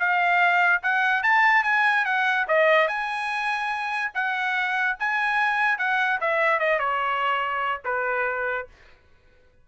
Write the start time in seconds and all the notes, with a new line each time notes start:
0.00 F5
0.83 F#5
1.24 A5
1.64 G#5
2.06 F#5
2.48 D#5
2.88 G#5
4.15 F#5
5.00 G#5
5.79 F#5
6.21 E5
6.60 D#5
6.79 C#5
7.85 B4